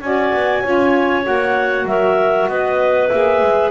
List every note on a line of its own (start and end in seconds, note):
0.00 0.32 C#4
0.00 0.64 F#4
0.00 0.61 D5
0.00 1.24 G#5
0.32 0.63 B3
0.61 1.26 C#4
0.61 1.23 F4
0.61 1.85 C#5
1.23 1.85 A#3
1.23 3.08 F#4
1.23 1.87 F#5
1.85 2.46 F#3
1.85 2.49 A#4
1.85 2.48 E5
2.48 3.10 B3
2.48 3.71 B4
2.48 3.08 D#5
3.08 3.41 A#3
3.08 3.71 G#4
3.08 3.70 E5
3.41 3.71 G#3